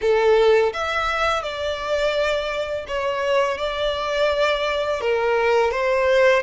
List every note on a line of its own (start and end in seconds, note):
0.01 0.72 A4
0.73 1.43 E5
1.43 2.85 D5
2.87 3.57 C#5
3.57 5.00 D5
5.00 5.71 A#4
5.71 6.42 C5